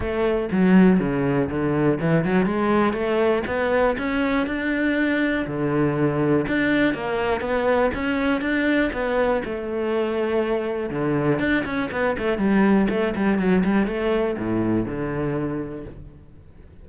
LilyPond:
\new Staff \with { instrumentName = "cello" } { \time 4/4 \tempo 4 = 121 a4 fis4 cis4 d4 | e8 fis8 gis4 a4 b4 | cis'4 d'2 d4~ | d4 d'4 ais4 b4 |
cis'4 d'4 b4 a4~ | a2 d4 d'8 cis'8 | b8 a8 g4 a8 g8 fis8 g8 | a4 a,4 d2 | }